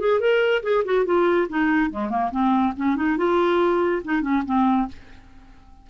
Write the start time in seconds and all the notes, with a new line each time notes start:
0.00 G#4
0.20 A#4
0.63 G#4
0.85 F#4
1.06 F4
1.50 D#4
1.91 G#3
2.10 A#3
2.32 C4
2.77 C#4
2.97 D#4
3.18 F4
4.05 D#4
4.22 C#4
4.46 C4